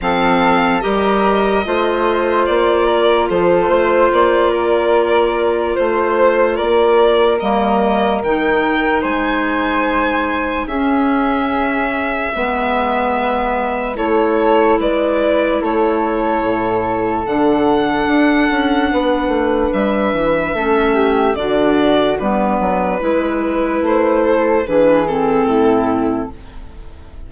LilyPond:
<<
  \new Staff \with { instrumentName = "violin" } { \time 4/4 \tempo 4 = 73 f''4 dis''2 d''4 | c''4 d''2 c''4 | d''4 dis''4 g''4 gis''4~ | gis''4 e''2.~ |
e''4 cis''4 d''4 cis''4~ | cis''4 fis''2. | e''2 d''4 b'4~ | b'4 c''4 b'8 a'4. | }
  \new Staff \with { instrumentName = "flute" } { \time 4/4 a'4 ais'4 c''4. ais'8 | a'8 c''4 ais'4. c''4 | ais'2. c''4~ | c''4 gis'2 b'4~ |
b'4 a'4 b'4 a'4~ | a'2. b'4~ | b'4 a'8 g'8 fis'4 d'4 | b'4. a'8 gis'4 e'4 | }
  \new Staff \with { instrumentName = "clarinet" } { \time 4/4 c'4 g'4 f'2~ | f'1~ | f'4 ais4 dis'2~ | dis'4 cis'2 b4~ |
b4 e'2.~ | e'4 d'2.~ | d'4 cis'4 d'4 b4 | e'2 d'8 c'4. | }
  \new Staff \with { instrumentName = "bassoon" } { \time 4/4 f4 g4 a4 ais4 | f8 a8 ais2 a4 | ais4 g4 dis4 gis4~ | gis4 cis'2 gis4~ |
gis4 a4 gis4 a4 | a,4 d4 d'8 cis'8 b8 a8 | g8 e8 a4 d4 g8 fis8 | gis4 a4 e4 a,4 | }
>>